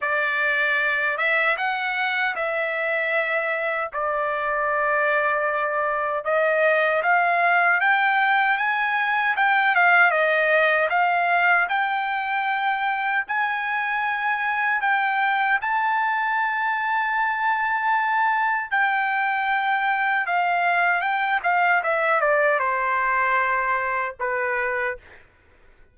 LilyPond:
\new Staff \with { instrumentName = "trumpet" } { \time 4/4 \tempo 4 = 77 d''4. e''8 fis''4 e''4~ | e''4 d''2. | dis''4 f''4 g''4 gis''4 | g''8 f''8 dis''4 f''4 g''4~ |
g''4 gis''2 g''4 | a''1 | g''2 f''4 g''8 f''8 | e''8 d''8 c''2 b'4 | }